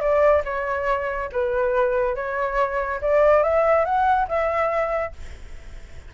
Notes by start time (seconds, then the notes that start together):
0.00 D5
0.44 C#5
1.32 B4
2.15 C#5
3.01 D5
3.43 E5
3.85 F#5
4.28 E5